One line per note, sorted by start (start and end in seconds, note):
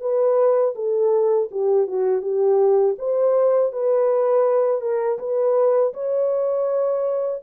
0.00 0.74 B4
0.75 1.49 A4
1.51 1.87 G4
1.87 2.21 F#4
2.21 2.95 G4
2.98 3.72 C5
3.72 4.81 B4
4.81 5.18 A#4
5.19 5.93 B4
5.93 7.41 C#5